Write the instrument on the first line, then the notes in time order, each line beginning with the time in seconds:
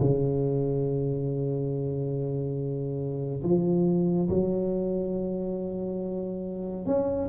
tuba
0.00 C#3
3.43 F3
4.29 F#3
6.86 C#4